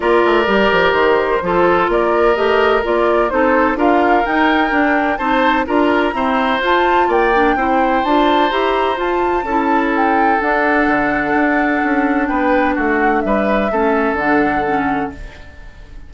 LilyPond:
<<
  \new Staff \with { instrumentName = "flute" } { \time 4/4 \tempo 4 = 127 d''2 c''2 | d''4 dis''4 d''4 c''4 | f''4 g''2 a''4 | ais''2 a''4 g''4~ |
g''4 a''4 ais''4 a''4~ | a''4 g''4 fis''2~ | fis''2 g''4 fis''4 | e''2 fis''2 | }
  \new Staff \with { instrumentName = "oboe" } { \time 4/4 ais'2. a'4 | ais'2. a'4 | ais'2. c''4 | ais'4 c''2 d''4 |
c''1 | a'1~ | a'2 b'4 fis'4 | b'4 a'2. | }
  \new Staff \with { instrumentName = "clarinet" } { \time 4/4 f'4 g'2 f'4~ | f'4 g'4 f'4 dis'4 | f'4 dis'4 d'4 dis'4 | f'4 c'4 f'4. d'8 |
e'4 f'4 g'4 f'4 | e'2 d'2~ | d'1~ | d'4 cis'4 d'4 cis'4 | }
  \new Staff \with { instrumentName = "bassoon" } { \time 4/4 ais8 a8 g8 f8 dis4 f4 | ais4 a4 ais4 c'4 | d'4 dis'4 d'4 c'4 | d'4 e'4 f'4 ais4 |
c'4 d'4 e'4 f'4 | cis'2 d'4 d4 | d'4 cis'4 b4 a4 | g4 a4 d2 | }
>>